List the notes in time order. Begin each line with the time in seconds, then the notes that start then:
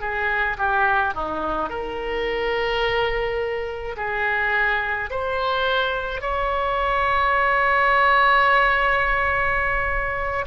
0.00 G#4
0.58 G4
1.14 D#4
1.70 A#4
3.97 G#4
5.10 C5
6.21 C#5